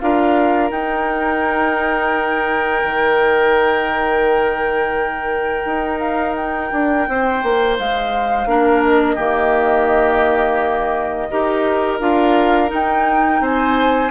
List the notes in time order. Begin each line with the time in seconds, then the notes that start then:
0.00 D4 F4 A#4 F5
0.71 D#4 G5
2.84 D#3
5.65 D#4
6.00 F5
6.36 G5
6.72 D4
7.08 C4 C5
7.43 A#3
7.78 G#3 F5
8.46 A#3 D4 A#4
8.83 D#5
9.15 D#3 A#3 G4
11.30 D#4 G4 A#4
11.99 D4 F4 F5
12.68 D#4 G5
13.40 C4 C5 G#5